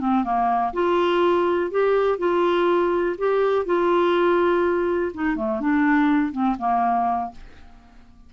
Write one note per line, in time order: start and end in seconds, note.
0.00 0.24 C4
0.24 0.73 A#3
0.73 1.71 F4
1.71 2.18 G4
2.18 3.16 F4
3.18 3.65 G4
3.65 5.12 F4
5.14 5.36 D#4
5.36 5.60 A3
5.60 6.32 D4
6.32 6.56 C4
6.58 7.31 A#3